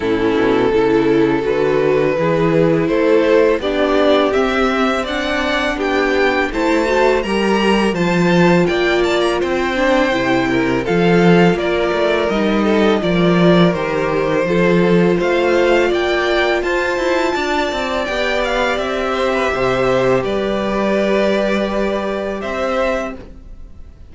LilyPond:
<<
  \new Staff \with { instrumentName = "violin" } { \time 4/4 \tempo 4 = 83 a'2 b'2 | c''4 d''4 e''4 fis''4 | g''4 a''4 ais''4 a''4 | g''8 a''16 ais''16 g''2 f''4 |
d''4 dis''4 d''4 c''4~ | c''4 f''4 g''4 a''4~ | a''4 g''8 f''8 e''2 | d''2. e''4 | }
  \new Staff \with { instrumentName = "violin" } { \time 4/4 e'4 a'2 gis'4 | a'4 g'2 d''4 | g'4 c''4 ais'4 c''4 | d''4 c''4. ais'8 a'4 |
ais'4. a'8 ais'2 | a'4 c''4 d''4 c''4 | d''2~ d''8 c''16 b'16 c''4 | b'2. c''4 | }
  \new Staff \with { instrumentName = "viola" } { \time 4/4 cis'4 e'4 fis'4 e'4~ | e'4 d'4 c'4 d'4~ | d'4 e'8 fis'8 g'4 f'4~ | f'4. d'8 e'4 f'4~ |
f'4 dis'4 f'4 g'4 | f'1~ | f'4 g'2.~ | g'1 | }
  \new Staff \with { instrumentName = "cello" } { \time 4/4 a,8 b,8 cis4 d4 e4 | a4 b4 c'2 | b4 a4 g4 f4 | ais4 c'4 c4 f4 |
ais8 a8 g4 f4 dis4 | f4 a4 ais4 f'8 e'8 | d'8 c'8 b4 c'4 c4 | g2. c'4 | }
>>